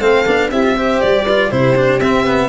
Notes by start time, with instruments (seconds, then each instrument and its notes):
0.00 tuba A3, cello C4, horn A4, violin F5
0.27 tuba B3, cello D4
0.51 tuba C4, cello E4, horn G4, violin E5
0.64 cello F4
0.76 cello G4, horn C5
1.01 tuba G3, violin D5
1.24 cello F4, horn B4
1.48 tuba C3, cello E4, horn G4, violin C5
1.77 cello D4
2.01 tuba C4, cello C4, violin E5
2.27 cello B3